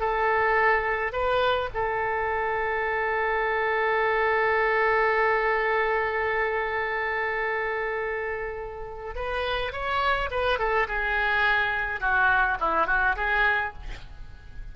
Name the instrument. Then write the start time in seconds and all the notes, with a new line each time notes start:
oboe
0.00 A4
1.12 B4
1.74 A4
9.15 B4
9.72 C#5
10.31 B4
10.59 A4
10.88 G#4
12.01 F#4
12.60 E4
12.87 F#4
13.16 G#4